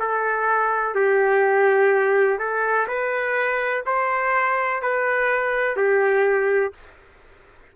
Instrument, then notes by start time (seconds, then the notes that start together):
trumpet
0.00 A4
0.95 G4
2.39 A4
2.88 B4
3.86 C5
4.83 B4
5.77 G4